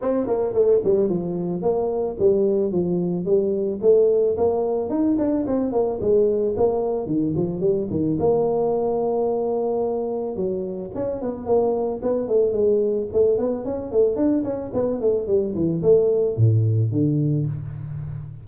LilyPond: \new Staff \with { instrumentName = "tuba" } { \time 4/4 \tempo 4 = 110 c'8 ais8 a8 g8 f4 ais4 | g4 f4 g4 a4 | ais4 dis'8 d'8 c'8 ais8 gis4 | ais4 dis8 f8 g8 dis8 ais4~ |
ais2. fis4 | cis'8 b8 ais4 b8 a8 gis4 | a8 b8 cis'8 a8 d'8 cis'8 b8 a8 | g8 e8 a4 a,4 d4 | }